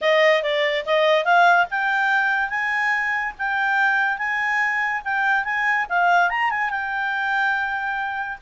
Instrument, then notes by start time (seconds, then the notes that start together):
clarinet
0.01 D#5
0.42 D5
0.85 D#5
1.24 F5
1.70 G5
2.49 G#5
3.38 G5
4.18 G#5
5.04 G5
5.44 G#5
5.89 F5
6.29 A#5
6.50 G#5
6.70 G5